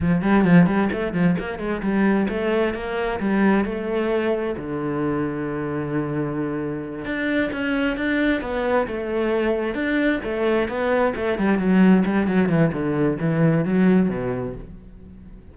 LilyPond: \new Staff \with { instrumentName = "cello" } { \time 4/4 \tempo 4 = 132 f8 g8 f8 g8 a8 f8 ais8 gis8 | g4 a4 ais4 g4 | a2 d2~ | d2.~ d8 d'8~ |
d'8 cis'4 d'4 b4 a8~ | a4. d'4 a4 b8~ | b8 a8 g8 fis4 g8 fis8 e8 | d4 e4 fis4 b,4 | }